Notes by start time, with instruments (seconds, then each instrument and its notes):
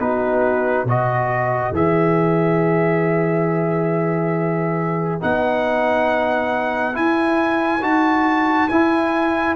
0.00 tuba B3, trombone D#4, horn F#4, trumpet B4
0.85 tuba B2, trombone F#4, horn B4, trumpet D#5
1.72 tuba E3, trombone G#4, trumpet E5
5.21 tuba B3, trombone D#4, trumpet F#5
6.93 trombone E4, tuba E4, trumpet G#5
7.82 tuba D#4, trombone F#4, trumpet A5
8.68 tuba E4, trombone E4, trumpet G#5